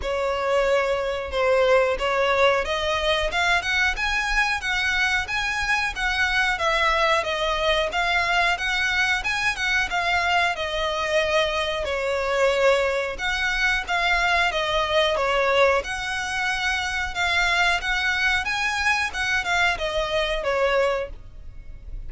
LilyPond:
\new Staff \with { instrumentName = "violin" } { \time 4/4 \tempo 4 = 91 cis''2 c''4 cis''4 | dis''4 f''8 fis''8 gis''4 fis''4 | gis''4 fis''4 e''4 dis''4 | f''4 fis''4 gis''8 fis''8 f''4 |
dis''2 cis''2 | fis''4 f''4 dis''4 cis''4 | fis''2 f''4 fis''4 | gis''4 fis''8 f''8 dis''4 cis''4 | }